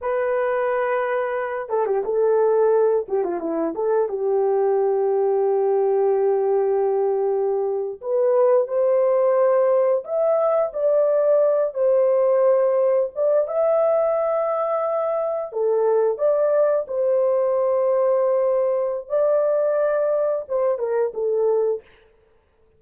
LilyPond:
\new Staff \with { instrumentName = "horn" } { \time 4/4 \tempo 4 = 88 b'2~ b'8 a'16 g'16 a'4~ | a'8 g'16 f'16 e'8 a'8 g'2~ | g'2.~ g'8. b'16~ | b'8. c''2 e''4 d''16~ |
d''4~ d''16 c''2 d''8 e''16~ | e''2~ e''8. a'4 d''16~ | d''8. c''2.~ c''16 | d''2 c''8 ais'8 a'4 | }